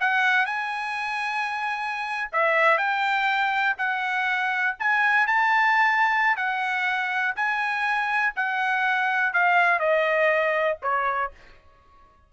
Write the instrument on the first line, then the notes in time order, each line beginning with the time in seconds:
trumpet
0.00 F#5
0.46 G#5
2.32 E5
2.78 G5
3.78 F#5
4.79 G#5
5.27 A5
6.36 F#5
7.35 G#5
8.35 F#5
9.33 F5
9.79 D#5
10.82 C#5